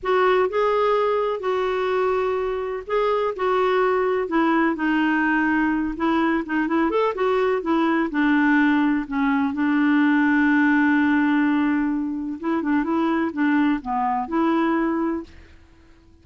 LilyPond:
\new Staff \with { instrumentName = "clarinet" } { \time 4/4 \tempo 4 = 126 fis'4 gis'2 fis'4~ | fis'2 gis'4 fis'4~ | fis'4 e'4 dis'2~ | dis'8 e'4 dis'8 e'8 a'8 fis'4 |
e'4 d'2 cis'4 | d'1~ | d'2 e'8 d'8 e'4 | d'4 b4 e'2 | }